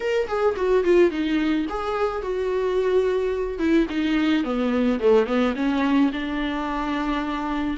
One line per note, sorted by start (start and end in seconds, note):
0.00 0.27 A#4
0.27 0.55 G#4
0.56 0.83 F#4
0.83 1.11 F4
1.11 1.66 D#4
1.69 2.22 G#4
2.22 3.58 F#4
3.58 3.86 E4
3.89 4.43 D#4
4.43 4.99 B3
4.99 5.26 A3
5.26 5.54 B3
5.55 6.11 C#4
6.12 7.77 D4